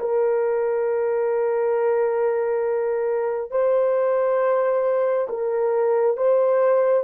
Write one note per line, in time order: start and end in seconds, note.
0.00 3.51 A#4
3.51 5.28 C5
5.29 6.18 A#4
6.18 7.04 C5